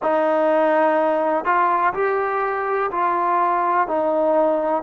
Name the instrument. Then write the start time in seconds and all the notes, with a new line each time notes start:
trombone
0.02 D#4
1.45 F4
1.94 G4
2.91 F4
3.87 D#4